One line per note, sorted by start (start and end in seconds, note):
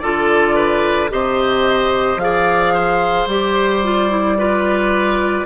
0.00 1.12 D3
0.00 1.10 F4
0.00 0.55 A4
0.00 1.09 D5
0.55 1.10 B4
1.10 2.17 C3
1.10 2.19 G4
1.10 2.22 C5
1.10 2.19 D#5
2.17 3.26 F3
2.17 3.30 G#4
2.17 3.28 F5
2.24 2.74 D5
2.74 4.38 C5
3.26 5.44 G3
3.26 3.84 G4
3.26 5.47 D5
3.84 4.11 F4
4.11 4.38 E4
4.38 5.47 F4
4.38 5.47 B4